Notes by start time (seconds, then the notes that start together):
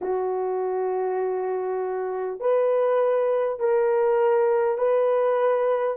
0.01 F#4
2.40 B4
3.59 A#4
4.77 B4